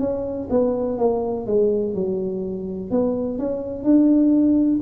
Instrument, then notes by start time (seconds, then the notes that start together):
tuba
0.00 C#4
0.50 B3
0.99 A#3
1.46 G#3
1.94 F#3
2.91 B3
3.39 C#4
3.84 D4